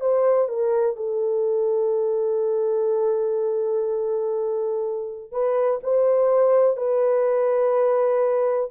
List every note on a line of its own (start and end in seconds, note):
0.00 0.48 C5
0.48 0.96 A#4
0.96 5.31 A4
5.31 5.80 B4
5.83 6.77 C5
6.77 8.70 B4